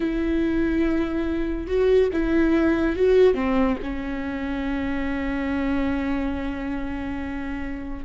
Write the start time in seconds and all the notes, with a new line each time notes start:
0.00 E4
1.67 F#4
2.12 E4
2.96 F#4
3.34 C4
3.82 C#4